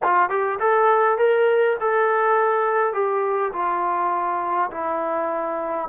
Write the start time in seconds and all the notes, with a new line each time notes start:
0.03 F4
0.29 G4
0.59 A4
1.18 A#4
1.80 A4
2.93 G4
3.52 F4
4.70 E4